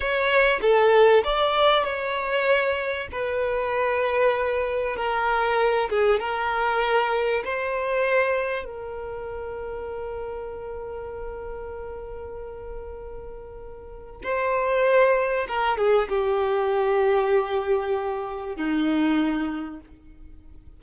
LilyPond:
\new Staff \with { instrumentName = "violin" } { \time 4/4 \tempo 4 = 97 cis''4 a'4 d''4 cis''4~ | cis''4 b'2. | ais'4. gis'8 ais'2 | c''2 ais'2~ |
ais'1~ | ais'2. c''4~ | c''4 ais'8 gis'8 g'2~ | g'2 dis'2 | }